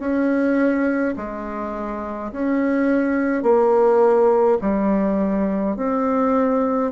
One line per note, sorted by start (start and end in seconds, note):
0.00 1.15 C#4
1.16 2.32 G#3
2.32 3.43 C#4
3.43 4.58 A#3
4.62 5.76 G3
5.76 6.92 C4